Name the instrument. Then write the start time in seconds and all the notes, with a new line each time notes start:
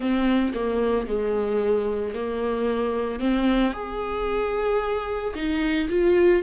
viola
0.00 C4
0.54 A#3
1.07 G#3
2.14 A#3
3.19 C4
3.73 G#4
5.35 D#4
5.89 F4